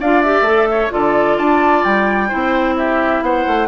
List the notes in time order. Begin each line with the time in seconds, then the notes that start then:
0.00 D4 F4 D5 F5
0.22 G4 E5
0.42 A3 A4
0.71 C#5
0.90 D3 F4 A4 D5
1.37 D4 D5 A5
1.84 G3 G5
2.28 C4 E4 C5
2.77 G4 E5
3.22 B3 C5 F#5
3.47 A3